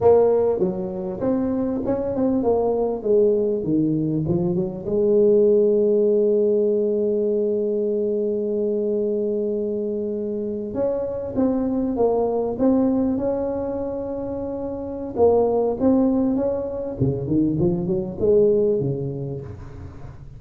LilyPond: \new Staff \with { instrumentName = "tuba" } { \time 4/4 \tempo 4 = 99 ais4 fis4 c'4 cis'8 c'8 | ais4 gis4 dis4 f8 fis8 | gis1~ | gis1~ |
gis4.~ gis16 cis'4 c'4 ais16~ | ais8. c'4 cis'2~ cis'16~ | cis'4 ais4 c'4 cis'4 | cis8 dis8 f8 fis8 gis4 cis4 | }